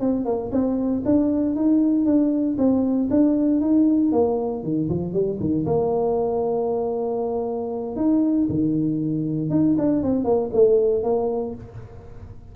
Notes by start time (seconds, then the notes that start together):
0.00 C4
0.25 A#3
0.52 C4
1.05 D4
1.55 D#4
2.05 D4
2.58 C4
3.10 D4
3.61 D#4
4.12 A#3
4.63 D#3
4.89 F3
5.13 G3
5.40 D#3
5.66 A#3
7.96 D#4
8.49 D#3
9.50 D#4
9.78 D4
10.03 C4
10.24 A#3
10.53 A3
11.03 A#3